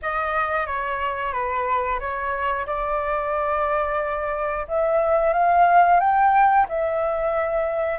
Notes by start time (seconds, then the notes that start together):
0.02 D#5
0.66 C#5
1.32 B4
1.99 C#5
2.66 D5
4.68 E5
5.33 F5
5.99 G5
6.68 E5